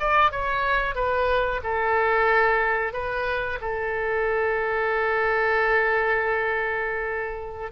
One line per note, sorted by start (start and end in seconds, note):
0.00 0.31 D5
0.31 0.95 C#5
0.95 1.61 B4
1.64 2.93 A4
2.93 3.59 B4
3.61 7.72 A4